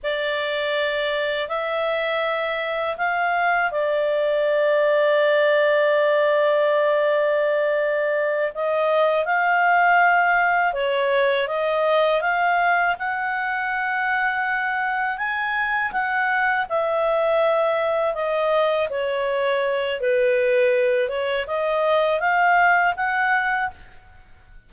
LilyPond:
\new Staff \with { instrumentName = "clarinet" } { \time 4/4 \tempo 4 = 81 d''2 e''2 | f''4 d''2.~ | d''2.~ d''8 dis''8~ | dis''8 f''2 cis''4 dis''8~ |
dis''8 f''4 fis''2~ fis''8~ | fis''8 gis''4 fis''4 e''4.~ | e''8 dis''4 cis''4. b'4~ | b'8 cis''8 dis''4 f''4 fis''4 | }